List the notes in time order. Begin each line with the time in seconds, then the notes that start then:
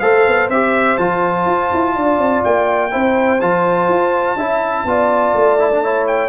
0.00 A3 A4 C5 F5
0.28 B3
0.49 C4 G4 E5
0.98 F3 F4 A5
1.46 F4
1.74 E4
1.96 D4 D5
2.18 C4
2.44 A#3 G5
2.91 C4 E4 C5
3.41 F3 F4 A5
3.88 F4
4.36 C#4 E4 E5
4.85 B3 F4 D5
5.34 A3
5.59 E4
5.71 D4
5.83 E4 C#5
6.07 G5